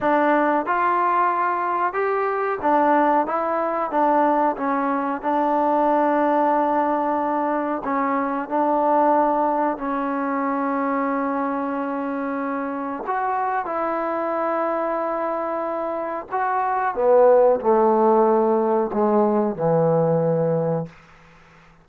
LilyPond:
\new Staff \with { instrumentName = "trombone" } { \time 4/4 \tempo 4 = 92 d'4 f'2 g'4 | d'4 e'4 d'4 cis'4 | d'1 | cis'4 d'2 cis'4~ |
cis'1 | fis'4 e'2.~ | e'4 fis'4 b4 a4~ | a4 gis4 e2 | }